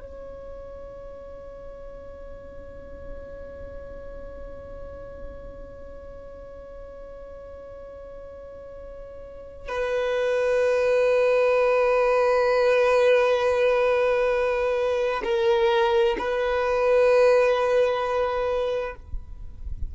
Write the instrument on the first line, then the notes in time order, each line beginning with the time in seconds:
violin
0.00 C#5
9.68 B4
15.23 A#4
16.18 B4